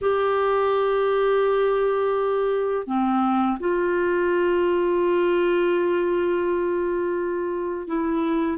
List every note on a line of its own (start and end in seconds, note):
0.01 2.86 G4
2.86 3.58 C4
3.59 7.87 F4
7.87 8.57 E4